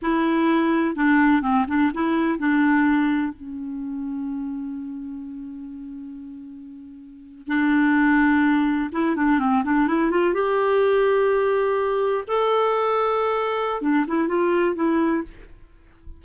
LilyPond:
\new Staff \with { instrumentName = "clarinet" } { \time 4/4 \tempo 4 = 126 e'2 d'4 c'8 d'8 | e'4 d'2 cis'4~ | cis'1~ | cis'2.~ cis'8. d'16~ |
d'2~ d'8. e'8 d'8 c'16~ | c'16 d'8 e'8 f'8 g'2~ g'16~ | g'4.~ g'16 a'2~ a'16~ | a'4 d'8 e'8 f'4 e'4 | }